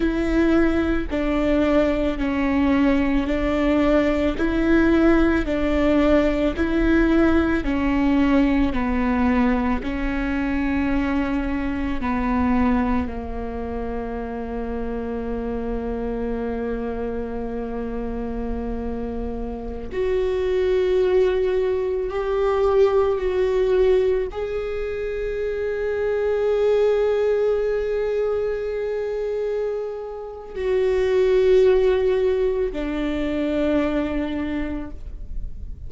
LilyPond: \new Staff \with { instrumentName = "viola" } { \time 4/4 \tempo 4 = 55 e'4 d'4 cis'4 d'4 | e'4 d'4 e'4 cis'4 | b4 cis'2 b4 | ais1~ |
ais2~ ais16 fis'4.~ fis'16~ | fis'16 g'4 fis'4 gis'4.~ gis'16~ | gis'1 | fis'2 d'2 | }